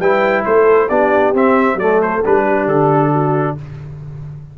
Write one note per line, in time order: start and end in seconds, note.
0.00 0.45 G3
0.00 0.90 E4
0.00 0.44 B4
0.00 0.45 G5
0.45 0.90 A3
0.45 0.88 A4
0.45 0.89 C5
0.88 1.34 B3
0.88 1.35 D4
0.88 1.77 G4
0.88 1.34 D5
1.34 1.75 C4
1.34 1.80 C4
1.34 1.79 E5
1.75 2.20 F#3
1.75 2.25 A3
1.75 2.45 A4
1.75 2.01 D5
2.02 2.25 C5
2.25 2.67 G3
2.25 3.59 D4
2.25 2.68 B4
2.45 3.12 G4
2.67 3.56 D3
2.67 3.57 A4
3.12 3.56 F#4